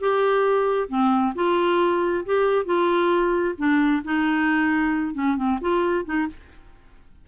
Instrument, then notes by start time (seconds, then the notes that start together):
clarinet
0.00 G4
0.89 C4
1.35 F4
2.25 G4
2.65 F4
3.58 D4
4.04 D#4
5.14 C#4
5.36 C4
5.61 F4
6.05 D#4